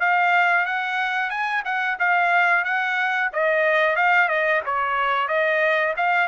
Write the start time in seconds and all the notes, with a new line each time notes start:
0.00 F5
0.66 F#5
1.30 G#5
1.65 F#5
1.99 F5
2.64 F#5
3.33 D#5
3.96 F5
4.28 D#5
4.66 C#5
5.28 D#5
5.97 F5